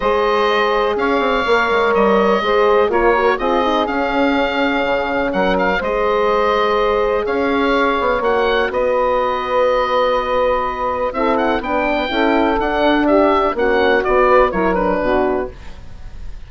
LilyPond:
<<
  \new Staff \with { instrumentName = "oboe" } { \time 4/4 \tempo 4 = 124 dis''2 f''2 | dis''2 cis''4 dis''4 | f''2. fis''8 f''8 | dis''2. f''4~ |
f''4 fis''4 dis''2~ | dis''2. e''8 fis''8 | g''2 fis''4 e''4 | fis''4 d''4 cis''8 b'4. | }
  \new Staff \with { instrumentName = "saxophone" } { \time 4/4 c''2 cis''2~ | cis''4 c''4 ais'4 gis'4~ | gis'2. ais'4 | c''2. cis''4~ |
cis''2 b'2~ | b'2. a'4 | b'4 a'2 g'4 | fis'4. b'8 ais'4 fis'4 | }
  \new Staff \with { instrumentName = "horn" } { \time 4/4 gis'2. ais'4~ | ais'4 gis'4 f'8 fis'8 f'8 dis'8 | cis'1 | gis'1~ |
gis'4 fis'2.~ | fis'2. e'4 | d'4 e'4 d'2 | cis'4 fis'4 e'8 d'4. | }
  \new Staff \with { instrumentName = "bassoon" } { \time 4/4 gis2 cis'8 c'8 ais8 gis8 | g4 gis4 ais4 c'4 | cis'2 cis4 fis4 | gis2. cis'4~ |
cis'8 b8 ais4 b2~ | b2. c'4 | b4 cis'4 d'2 | ais4 b4 fis4 b,4 | }
>>